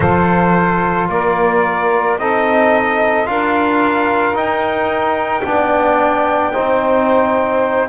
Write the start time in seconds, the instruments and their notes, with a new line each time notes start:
0.00 double bass F3, trombone F4, saxophone A4, trumpet C5
1.08 double bass A#3, saxophone A#4, trumpet D5
2.18 double bass C4, trombone D#4, saxophone A4, trumpet D#5
3.25 double bass D4, trombone F4, saxophone A#4, trumpet F5
4.32 double bass D#4, trombone D#4, trumpet G5
5.44 double bass B3, trombone D4, saxophone D5
6.52 double bass C4, trombone D#4, saxophone C5